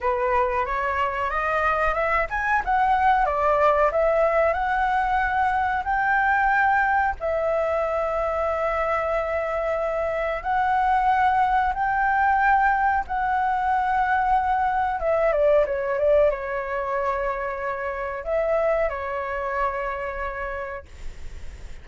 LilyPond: \new Staff \with { instrumentName = "flute" } { \time 4/4 \tempo 4 = 92 b'4 cis''4 dis''4 e''8 gis''8 | fis''4 d''4 e''4 fis''4~ | fis''4 g''2 e''4~ | e''1 |
fis''2 g''2 | fis''2. e''8 d''8 | cis''8 d''8 cis''2. | e''4 cis''2. | }